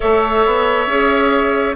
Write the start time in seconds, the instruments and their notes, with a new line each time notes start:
0.00 bassoon A3, clarinet A4, oboe C#5, flute E5
0.45 bassoon B3
0.86 bassoon C#4, clarinet G#4